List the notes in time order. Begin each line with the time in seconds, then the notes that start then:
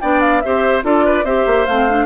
0.00 B3 D4 D5 G5
0.20 F5
0.41 C4 G4 C5 E5
0.82 D4 F4 A4 D5
1.05 B4
1.24 C4 G4 C5 E5
1.46 A#3
1.66 A3 C4 F5
1.89 D4